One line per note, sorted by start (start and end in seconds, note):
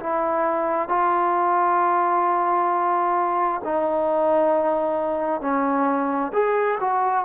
0.00 0.89 E4
0.89 3.62 F4
3.64 5.41 D#4
5.41 6.32 C#4
6.33 6.79 G#4
6.81 7.25 F#4